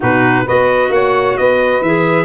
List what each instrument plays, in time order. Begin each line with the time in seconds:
0.00 tuba B2, clarinet D#4, saxophone F#4, trumpet B4
0.44 tuba B3, clarinet F#4, saxophone B4, trumpet D#5
0.89 tuba A#3, saxophone C#5, trumpet F#5
1.37 tuba B3, saxophone B4, trumpet D#5
1.81 tuba E3, clarinet G#4, trumpet E5